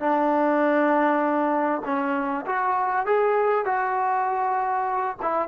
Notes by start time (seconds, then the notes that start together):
0.00 D4
1.85 C#4
2.46 F#4
3.06 G#4
3.65 F#4
5.22 E4